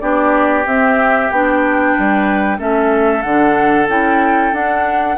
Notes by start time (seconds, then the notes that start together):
0.00 B3 D4 G4 D5
0.67 C4 E5
1.31 B3 D4 G5
1.93 G3 B4
2.58 A3 C#4 A4 E5
3.23 D3 D4 F#5
3.89 C#4 E4 G5
4.53 D4 F#5